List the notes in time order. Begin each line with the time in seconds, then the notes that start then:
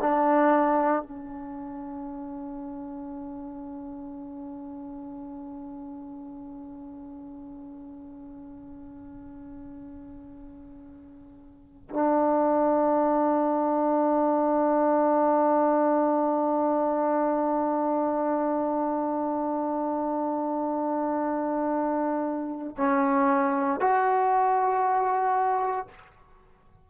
0.00 D4
1.03 C#4
11.90 D4
22.77 C#4
23.80 F#4